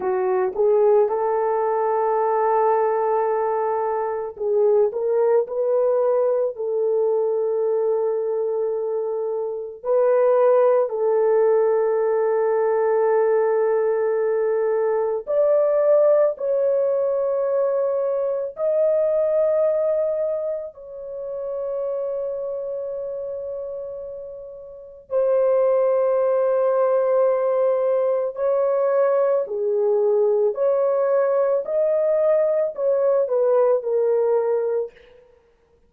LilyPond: \new Staff \with { instrumentName = "horn" } { \time 4/4 \tempo 4 = 55 fis'8 gis'8 a'2. | gis'8 ais'8 b'4 a'2~ | a'4 b'4 a'2~ | a'2 d''4 cis''4~ |
cis''4 dis''2 cis''4~ | cis''2. c''4~ | c''2 cis''4 gis'4 | cis''4 dis''4 cis''8 b'8 ais'4 | }